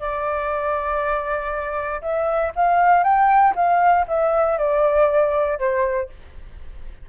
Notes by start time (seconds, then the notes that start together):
0.00 D5
2.02 E5
2.56 F5
3.04 G5
3.56 F5
4.08 E5
4.58 D5
5.59 C5